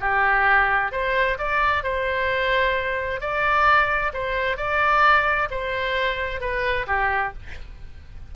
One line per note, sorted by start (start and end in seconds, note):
0.00 0.92 G4
0.92 1.38 C5
1.38 1.83 D5
1.83 3.21 C5
3.21 4.12 D5
4.13 4.57 C5
4.57 5.49 D5
5.51 6.40 C5
6.40 6.86 B4
6.87 7.33 G4